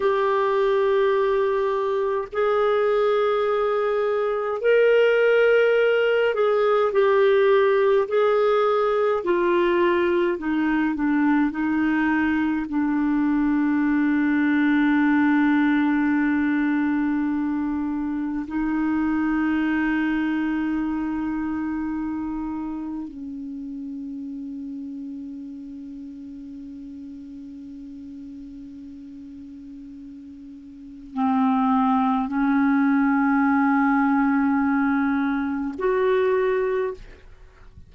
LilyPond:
\new Staff \with { instrumentName = "clarinet" } { \time 4/4 \tempo 4 = 52 g'2 gis'2 | ais'4. gis'8 g'4 gis'4 | f'4 dis'8 d'8 dis'4 d'4~ | d'1 |
dis'1 | cis'1~ | cis'2. c'4 | cis'2. fis'4 | }